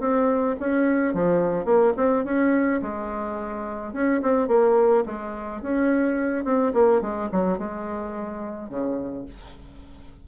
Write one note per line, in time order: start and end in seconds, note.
0.00 0.56 C4
0.60 1.14 C#4
1.14 1.65 F3
1.65 1.93 A#3
1.97 2.25 C4
2.25 2.81 C#4
2.82 3.93 G#3
3.93 4.21 C#4
4.23 4.48 C4
4.48 5.04 A#3
5.06 5.62 G#3
5.62 6.45 C#4
6.45 6.73 C4
6.74 7.02 A#3
7.02 7.30 G#3
7.32 7.59 F#3
7.59 8.69 G#3
8.69 9.25 C#3